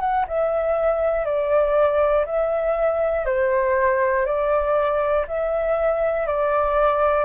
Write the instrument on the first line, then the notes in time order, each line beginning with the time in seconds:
flute
0.00 F#5
0.28 E5
1.25 D5
2.26 E5
3.26 C5
4.26 D5
5.27 E5
6.27 D5